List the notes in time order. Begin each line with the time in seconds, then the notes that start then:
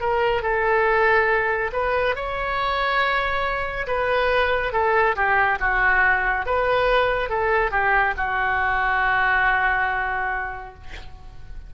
0.00 A#4
0.42 A4
1.72 B4
2.15 C#5
3.86 B4
4.72 A4
5.15 G4
5.59 F#4
6.46 B4
7.29 A4
7.71 G4
8.17 F#4